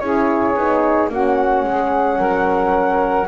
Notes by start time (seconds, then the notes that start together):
0.00 C#4 E4 G#4 C#5
0.55 B3 D#4
1.09 A#3 C#4 F#4 F#5
1.64 G#3 G#4
2.18 F#3 A#4